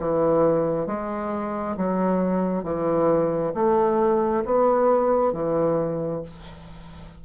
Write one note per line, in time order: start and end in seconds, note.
0.00 0.87 E3
0.87 1.77 G#3
1.77 2.64 F#3
2.64 3.53 E3
3.55 4.45 A3
4.46 5.33 B3
5.33 6.23 E3